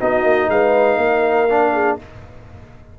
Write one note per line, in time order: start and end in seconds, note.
0.00 0.24 B3
0.00 1.49 D#4
0.00 0.50 F#4
0.00 0.50 D#5
0.24 0.48 A#3
0.49 0.97 G#3
0.49 0.99 B4
0.49 1.99 F5
0.97 1.96 A#3
0.97 1.73 A#4
1.50 1.99 D4
1.73 1.98 G#4